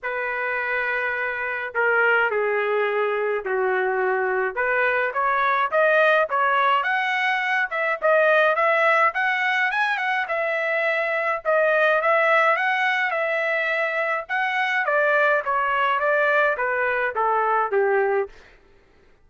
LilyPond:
\new Staff \with { instrumentName = "trumpet" } { \time 4/4 \tempo 4 = 105 b'2. ais'4 | gis'2 fis'2 | b'4 cis''4 dis''4 cis''4 | fis''4. e''8 dis''4 e''4 |
fis''4 gis''8 fis''8 e''2 | dis''4 e''4 fis''4 e''4~ | e''4 fis''4 d''4 cis''4 | d''4 b'4 a'4 g'4 | }